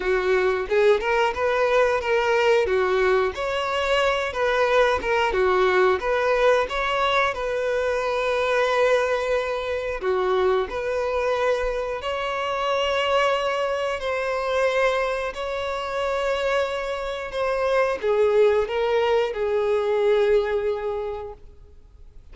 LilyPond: \new Staff \with { instrumentName = "violin" } { \time 4/4 \tempo 4 = 90 fis'4 gis'8 ais'8 b'4 ais'4 | fis'4 cis''4. b'4 ais'8 | fis'4 b'4 cis''4 b'4~ | b'2. fis'4 |
b'2 cis''2~ | cis''4 c''2 cis''4~ | cis''2 c''4 gis'4 | ais'4 gis'2. | }